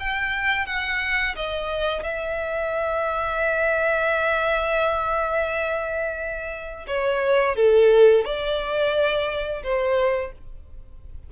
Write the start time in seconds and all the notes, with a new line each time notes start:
0.00 G5
0.66 F#5
1.36 D#5
2.04 E5
6.87 C#5
7.56 A4
8.25 D5
9.63 C5